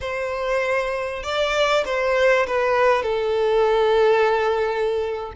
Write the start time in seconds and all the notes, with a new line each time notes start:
0.00 C5
1.23 D5
1.85 C5
2.47 B4
3.03 A4